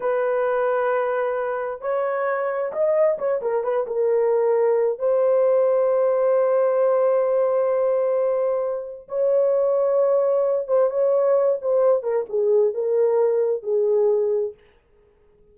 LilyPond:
\new Staff \with { instrumentName = "horn" } { \time 4/4 \tempo 4 = 132 b'1 | cis''2 dis''4 cis''8 ais'8 | b'8 ais'2~ ais'8 c''4~ | c''1~ |
c''1 | cis''2.~ cis''8 c''8 | cis''4. c''4 ais'8 gis'4 | ais'2 gis'2 | }